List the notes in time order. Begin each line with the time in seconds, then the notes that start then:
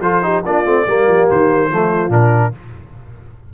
0.00 F3 F4 A4 C5
0.22 D#4 G4
0.44 A#3 D4 F4 D5
0.65 A3 C4
0.87 G3 A#3 G4
1.07 F3
1.30 D#3 C5
1.69 F3 A3 F4
2.09 A#2 D4 A#4